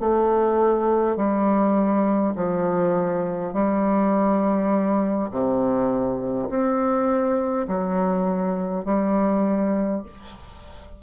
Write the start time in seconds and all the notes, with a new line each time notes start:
0.00 A3
1.16 G3
2.35 F3
3.53 G3
5.31 C3
6.49 C4
7.67 F#3
8.84 G3